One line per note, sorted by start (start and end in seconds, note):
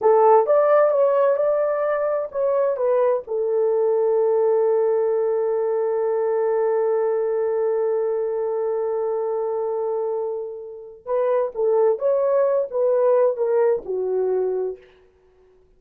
0.01 0.46 A4
0.46 0.90 D5
0.90 1.36 C#5
1.36 2.28 D5
2.31 2.76 C#5
2.76 3.22 B4
3.27 11.05 A4
11.05 11.51 B4
11.54 11.99 A4
11.99 12.68 C#5
12.70 13.36 B4
13.36 13.83 A#4
13.85 14.77 F#4